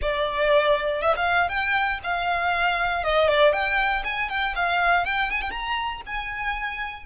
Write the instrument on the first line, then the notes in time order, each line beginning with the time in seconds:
violin
0.01 D5
1.01 E5
1.16 F5
1.48 G5
2.03 F5
3.03 D#5
3.28 D5
3.52 G5
4.04 G#5
4.29 G5
4.55 F5
5.05 G5
5.30 G#5
5.41 G5
5.50 A#5
6.06 G#5